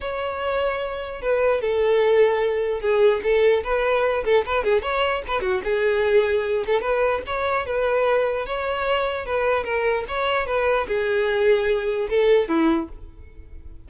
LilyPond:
\new Staff \with { instrumentName = "violin" } { \time 4/4 \tempo 4 = 149 cis''2. b'4 | a'2. gis'4 | a'4 b'4. a'8 b'8 gis'8 | cis''4 b'8 fis'8 gis'2~ |
gis'8 a'8 b'4 cis''4 b'4~ | b'4 cis''2 b'4 | ais'4 cis''4 b'4 gis'4~ | gis'2 a'4 e'4 | }